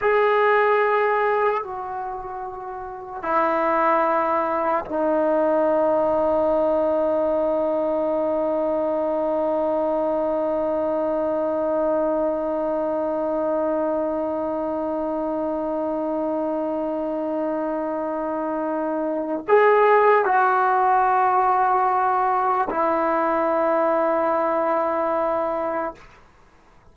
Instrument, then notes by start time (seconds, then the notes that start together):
trombone
0.01 G#4
1.63 F#4
3.22 E4
4.85 D#4
19.47 G#4
20.25 F#4
22.70 E4